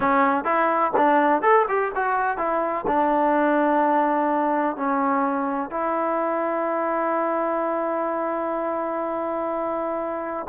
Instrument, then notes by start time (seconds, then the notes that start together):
trombone
0.00 C#4
0.44 E4
0.97 D4
1.42 A4
1.68 G4
1.95 F#4
2.37 E4
2.87 D4
4.76 C#4
5.70 E4